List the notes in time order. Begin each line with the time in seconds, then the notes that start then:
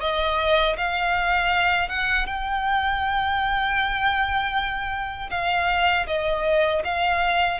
0.00 D#5
0.77 F5
1.88 F#5
2.26 G5
5.30 F5
6.07 D#5
6.84 F5